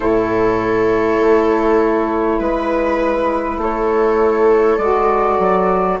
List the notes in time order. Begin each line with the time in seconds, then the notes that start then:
0.00 A2 E4 A4 C#5
1.20 A3
2.39 G#3 B4
3.57 A3 A4 C#5
4.78 G#3 F#4 D5
5.38 F#3